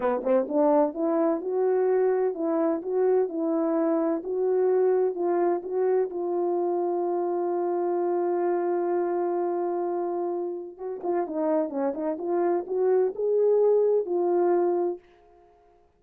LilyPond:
\new Staff \with { instrumentName = "horn" } { \time 4/4 \tempo 4 = 128 b8 c'8 d'4 e'4 fis'4~ | fis'4 e'4 fis'4 e'4~ | e'4 fis'2 f'4 | fis'4 f'2.~ |
f'1~ | f'2. fis'8 f'8 | dis'4 cis'8 dis'8 f'4 fis'4 | gis'2 f'2 | }